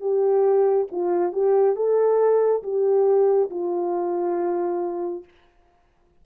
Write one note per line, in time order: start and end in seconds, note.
0.00 0.87 G4
0.91 1.32 F4
1.32 1.75 G4
1.75 2.62 A4
2.63 3.50 G4
3.50 5.24 F4